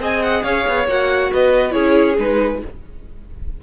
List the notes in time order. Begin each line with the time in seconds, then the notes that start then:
0.00 C4 G#4 D#5 G#5
0.23 F#5
0.43 C#4 C#5 F5
0.68 B3
0.88 A#3 F#4 F#5
1.33 B3 B4 D#5
1.71 C#4 E4 G#4 C#5
2.18 G#3 D#4 B4